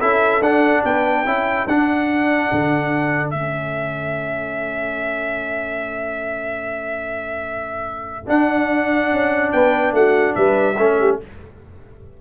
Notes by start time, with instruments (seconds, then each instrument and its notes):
0.00 tuba C#4, trombone E4, horn A4, trumpet E5
0.41 tuba D4, trombone D4, trumpet F#5
0.84 tuba B3, horn B4, trumpet G5
1.25 tuba C#4, trombone E4, horn A4
1.67 tuba D4, trombone D4, trumpet F#5
2.51 tuba D3
3.29 tuba A3, trombone C#4, trumpet E5
8.26 trombone D4, tuba D4, trumpet F#5
9.11 tuba C#4
9.52 tuba B3, horn B4, trumpet G5
9.92 tuba A3, horn F#4, trumpet F#5
10.34 tuba G3, horn B4, trumpet E5
10.76 tuba A3, trombone C#4, horn A4
11.00 horn G4